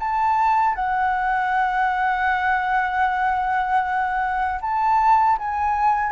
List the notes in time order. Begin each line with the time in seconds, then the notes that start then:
0.00 A5
0.76 F#5
4.62 A5
5.38 G#5